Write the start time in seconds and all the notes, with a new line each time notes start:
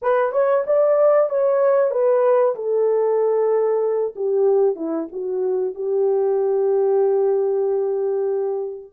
0.01 B4
0.32 C#5
0.66 D5
1.29 C#5
1.91 B4
2.55 A4
4.15 G4
4.75 E4
5.12 F#4
5.74 G4